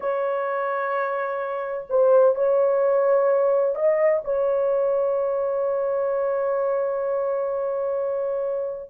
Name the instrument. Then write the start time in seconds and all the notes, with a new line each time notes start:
horn
0.00 C#5
1.89 C5
2.35 C#5
3.75 D#5
4.24 C#5